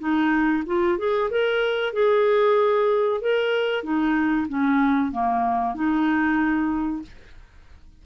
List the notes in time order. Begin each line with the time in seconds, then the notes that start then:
0.00 D#4
0.67 F4
0.99 G#4
1.31 A#4
1.94 G#4
3.21 A#4
3.84 D#4
4.49 C#4
5.12 A#3
5.75 D#4